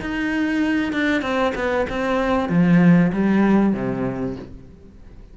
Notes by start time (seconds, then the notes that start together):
0.00 D#4
0.93 D4
1.22 C4
1.55 B3
1.89 C4
2.49 F3
3.13 G3
3.73 C3